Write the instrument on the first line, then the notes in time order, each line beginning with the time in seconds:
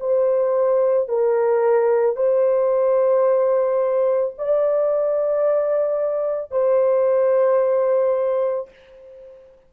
horn
0.00 C5
1.08 A#4
2.16 C5
4.38 D5
6.51 C5